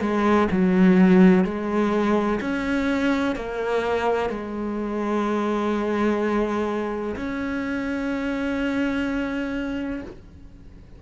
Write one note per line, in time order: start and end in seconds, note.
0.00 0.48 G#3
0.51 1.44 F#3
1.44 2.39 G#3
2.40 3.35 C#4
3.35 4.29 A#3
4.29 7.15 G#3
7.16 10.02 C#4